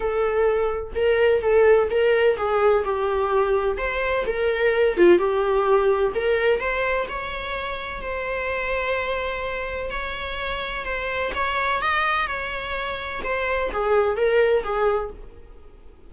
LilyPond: \new Staff \with { instrumentName = "viola" } { \time 4/4 \tempo 4 = 127 a'2 ais'4 a'4 | ais'4 gis'4 g'2 | c''4 ais'4. f'8 g'4~ | g'4 ais'4 c''4 cis''4~ |
cis''4 c''2.~ | c''4 cis''2 c''4 | cis''4 dis''4 cis''2 | c''4 gis'4 ais'4 gis'4 | }